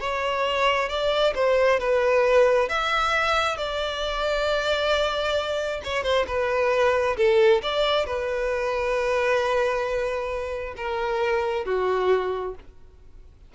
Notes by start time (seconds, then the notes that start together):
0.00 C#5
0.89 D5
1.34 C5
1.79 B4
2.69 E5
3.57 D5
5.84 C#5
6.03 C5
6.27 B4
7.16 A4
7.62 D5
8.06 B4
10.77 A#4
11.65 F#4